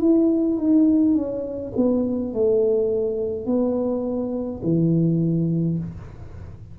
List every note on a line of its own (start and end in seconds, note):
0.00 0.58 E4
0.58 1.14 D#4
1.14 1.72 C#4
1.76 2.33 B3
2.33 3.46 A3
3.46 4.61 B3
4.63 5.78 E3